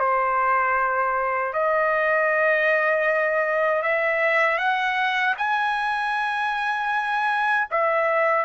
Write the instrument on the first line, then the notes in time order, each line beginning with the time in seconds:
trumpet
0.00 C5
1.53 D#5
3.83 E5
4.58 F#5
5.38 G#5
7.71 E5